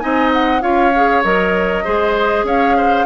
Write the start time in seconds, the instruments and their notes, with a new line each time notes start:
0.00 bassoon C4, clarinet D#4, oboe D#5, flute G#5
0.33 flute F#5
0.61 bassoon C#4, clarinet F4, oboe C#5, flute F5
0.96 clarinet G#4
1.24 bassoon F#3, clarinet A#4, flute D#5
1.85 bassoon G#3, clarinet G#4, oboe C5
2.44 bassoon C#4, oboe C#5, flute F5
2.78 oboe C5